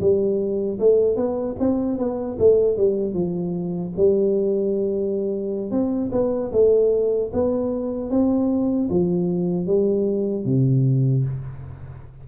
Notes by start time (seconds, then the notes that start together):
0.00 G3
0.79 A3
1.16 B3
1.60 C4
1.98 B3
2.39 A3
2.77 G3
3.14 F3
3.97 G3
5.71 C4
6.12 B3
6.52 A3
7.33 B3
8.10 C4
8.90 F3
9.67 G3
10.45 C3